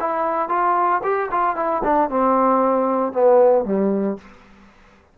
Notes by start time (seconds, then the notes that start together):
0.00 E4
0.49 F4
1.03 G4
1.31 F4
1.56 E4
1.84 D4
2.10 C4
3.13 B3
3.65 G3